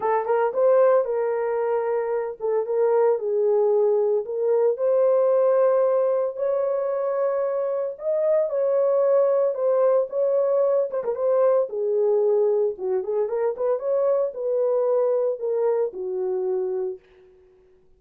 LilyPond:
\new Staff \with { instrumentName = "horn" } { \time 4/4 \tempo 4 = 113 a'8 ais'8 c''4 ais'2~ | ais'8 a'8 ais'4 gis'2 | ais'4 c''2. | cis''2. dis''4 |
cis''2 c''4 cis''4~ | cis''8 c''16 ais'16 c''4 gis'2 | fis'8 gis'8 ais'8 b'8 cis''4 b'4~ | b'4 ais'4 fis'2 | }